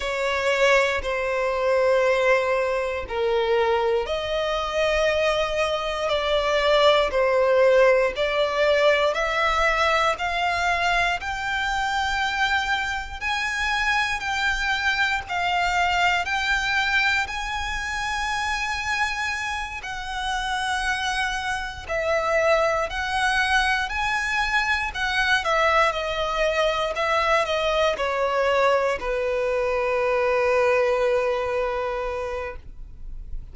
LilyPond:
\new Staff \with { instrumentName = "violin" } { \time 4/4 \tempo 4 = 59 cis''4 c''2 ais'4 | dis''2 d''4 c''4 | d''4 e''4 f''4 g''4~ | g''4 gis''4 g''4 f''4 |
g''4 gis''2~ gis''8 fis''8~ | fis''4. e''4 fis''4 gis''8~ | gis''8 fis''8 e''8 dis''4 e''8 dis''8 cis''8~ | cis''8 b'2.~ b'8 | }